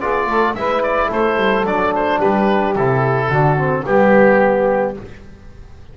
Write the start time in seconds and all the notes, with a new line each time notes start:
0.00 B3 F4 G#4 D5
0.26 A3 A4
0.54 G#3 E4 B4 E5
0.83 D5
1.08 A3 A4 C5
1.37 G3
1.65 F#3 D4 D5
1.95 C5
2.17 G3 G4 B4
2.76 C3 E4 A4
3.28 D3 D4 F#4
3.58 C4
3.84 G3 B3 G4